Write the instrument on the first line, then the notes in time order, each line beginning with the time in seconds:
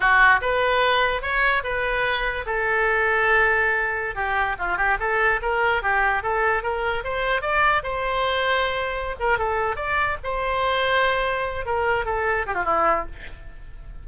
oboe
0.00 F#4
0.41 B4
1.22 C#5
1.63 B4
2.45 A4
4.15 G4
4.58 F4
4.77 G4
4.99 A4
5.41 A#4
5.82 G4
6.22 A4
6.62 A#4
7.03 C5
7.41 D5
7.83 C5
9.19 A#4
9.38 A4
9.76 D5
10.23 C5
11.65 A#4
12.05 A4
12.46 G4
12.54 F4
12.64 E4